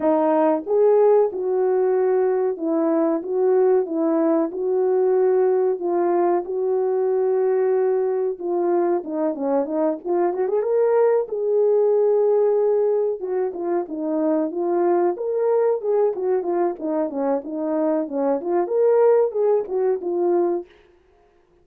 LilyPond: \new Staff \with { instrumentName = "horn" } { \time 4/4 \tempo 4 = 93 dis'4 gis'4 fis'2 | e'4 fis'4 e'4 fis'4~ | fis'4 f'4 fis'2~ | fis'4 f'4 dis'8 cis'8 dis'8 f'8 |
fis'16 gis'16 ais'4 gis'2~ gis'8~ | gis'8 fis'8 f'8 dis'4 f'4 ais'8~ | ais'8 gis'8 fis'8 f'8 dis'8 cis'8 dis'4 | cis'8 f'8 ais'4 gis'8 fis'8 f'4 | }